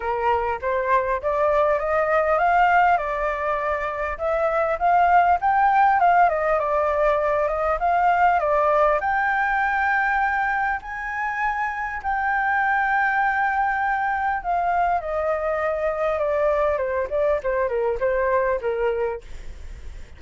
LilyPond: \new Staff \with { instrumentName = "flute" } { \time 4/4 \tempo 4 = 100 ais'4 c''4 d''4 dis''4 | f''4 d''2 e''4 | f''4 g''4 f''8 dis''8 d''4~ | d''8 dis''8 f''4 d''4 g''4~ |
g''2 gis''2 | g''1 | f''4 dis''2 d''4 | c''8 d''8 c''8 ais'8 c''4 ais'4 | }